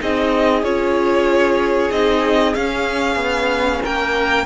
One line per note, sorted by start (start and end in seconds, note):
0.00 0.62 C4
0.00 0.64 D#4
0.00 3.82 G#4
0.00 0.64 D#5
0.62 1.90 C#4
0.62 1.91 F4
0.62 1.91 C#5
1.91 2.55 C4
1.91 2.55 D#4
1.91 2.54 D#5
2.54 4.46 C#4
2.54 3.16 C#4
2.54 3.82 F5
3.16 3.80 B3
3.82 4.46 A#3
3.82 4.46 A#4
3.82 4.46 G5